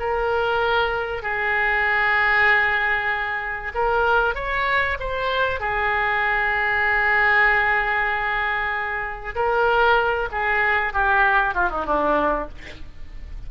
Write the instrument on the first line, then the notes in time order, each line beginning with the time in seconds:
oboe
0.00 A#4
1.22 G#4
3.75 A#4
4.35 C#5
5.00 C5
5.60 G#4
9.35 A#4
10.32 G#4
10.93 G4
11.55 F4
11.70 D#4
11.86 D4